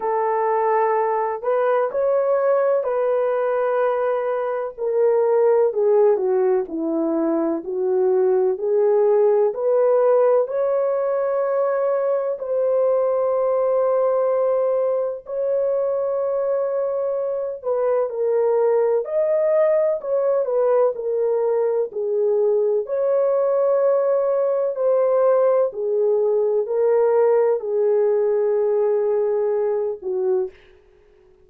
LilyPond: \new Staff \with { instrumentName = "horn" } { \time 4/4 \tempo 4 = 63 a'4. b'8 cis''4 b'4~ | b'4 ais'4 gis'8 fis'8 e'4 | fis'4 gis'4 b'4 cis''4~ | cis''4 c''2. |
cis''2~ cis''8 b'8 ais'4 | dis''4 cis''8 b'8 ais'4 gis'4 | cis''2 c''4 gis'4 | ais'4 gis'2~ gis'8 fis'8 | }